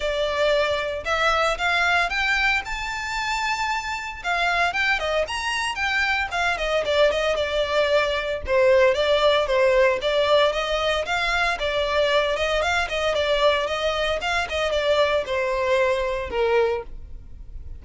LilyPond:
\new Staff \with { instrumentName = "violin" } { \time 4/4 \tempo 4 = 114 d''2 e''4 f''4 | g''4 a''2. | f''4 g''8 dis''8 ais''4 g''4 | f''8 dis''8 d''8 dis''8 d''2 |
c''4 d''4 c''4 d''4 | dis''4 f''4 d''4. dis''8 | f''8 dis''8 d''4 dis''4 f''8 dis''8 | d''4 c''2 ais'4 | }